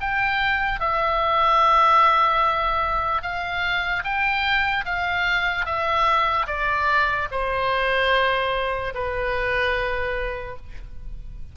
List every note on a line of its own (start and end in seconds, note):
0.00 0.80 G5
0.80 3.22 E5
3.22 4.03 F5
4.04 4.85 G5
4.85 5.65 F5
5.65 6.46 E5
6.46 7.28 D5
7.31 8.93 C5
8.94 10.56 B4